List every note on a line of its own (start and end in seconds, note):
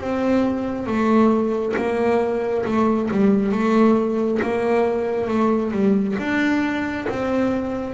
0.00 0.86 C4
0.86 1.74 A3
1.76 2.65 A#3
2.65 3.09 A3
3.11 3.52 G3
3.52 4.40 A3
4.42 5.28 A#3
5.28 5.72 A3
5.72 6.16 G3
6.19 7.07 D4
7.09 7.94 C4